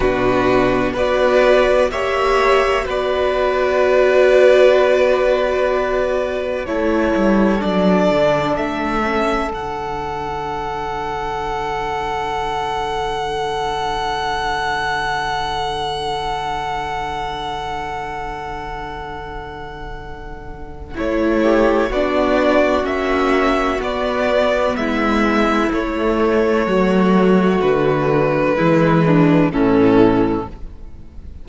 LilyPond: <<
  \new Staff \with { instrumentName = "violin" } { \time 4/4 \tempo 4 = 63 b'4 d''4 e''4 d''4~ | d''2. cis''4 | d''4 e''4 fis''2~ | fis''1~ |
fis''1~ | fis''2 cis''4 d''4 | e''4 d''4 e''4 cis''4~ | cis''4 b'2 a'4 | }
  \new Staff \with { instrumentName = "violin" } { \time 4/4 fis'4 b'4 cis''4 b'4~ | b'2. a'4~ | a'1~ | a'1~ |
a'1~ | a'2~ a'8 g'8 fis'4~ | fis'2 e'2 | fis'2 e'8 d'8 cis'4 | }
  \new Staff \with { instrumentName = "viola" } { \time 4/4 d'4 fis'4 g'4 fis'4~ | fis'2. e'4 | d'4. cis'8 d'2~ | d'1~ |
d'1~ | d'2 e'4 d'4 | cis'4 b2 a4~ | a2 gis4 e4 | }
  \new Staff \with { instrumentName = "cello" } { \time 4/4 b,4 b4 ais4 b4~ | b2. a8 g8 | fis8 d8 a4 d2~ | d1~ |
d1~ | d2 a4 b4 | ais4 b4 gis4 a4 | fis4 d4 e4 a,4 | }
>>